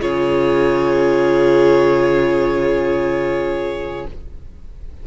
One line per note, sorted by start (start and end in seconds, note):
0.00 4.05 C#3
0.00 4.06 F4
0.00 4.07 G#4
0.00 4.07 C#5